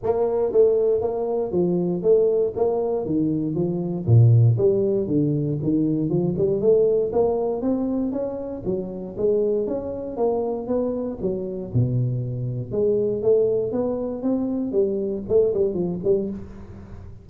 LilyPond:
\new Staff \with { instrumentName = "tuba" } { \time 4/4 \tempo 4 = 118 ais4 a4 ais4 f4 | a4 ais4 dis4 f4 | ais,4 g4 d4 dis4 | f8 g8 a4 ais4 c'4 |
cis'4 fis4 gis4 cis'4 | ais4 b4 fis4 b,4~ | b,4 gis4 a4 b4 | c'4 g4 a8 g8 f8 g8 | }